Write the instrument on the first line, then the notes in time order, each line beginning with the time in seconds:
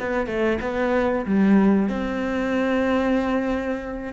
cello
0.00 B3
0.27 A3
0.61 B3
1.26 G3
1.89 C4